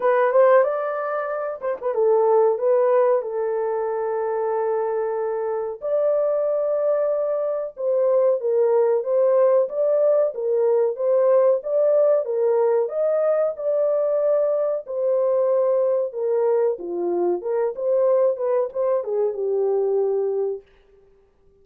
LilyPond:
\new Staff \with { instrumentName = "horn" } { \time 4/4 \tempo 4 = 93 b'8 c''8 d''4. c''16 b'16 a'4 | b'4 a'2.~ | a'4 d''2. | c''4 ais'4 c''4 d''4 |
ais'4 c''4 d''4 ais'4 | dis''4 d''2 c''4~ | c''4 ais'4 f'4 ais'8 c''8~ | c''8 b'8 c''8 gis'8 g'2 | }